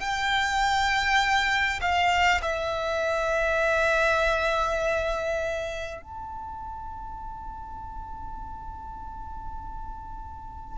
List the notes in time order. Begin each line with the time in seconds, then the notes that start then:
0.00 G5
1.81 F5
2.42 E5
6.02 A5